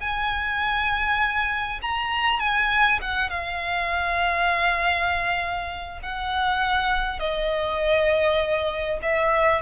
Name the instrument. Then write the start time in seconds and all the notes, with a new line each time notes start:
violin
0.00 G#5
1.82 A#5
2.39 G#5
3.01 F#5
3.30 F5
6.03 F#5
7.19 D#5
9.02 E5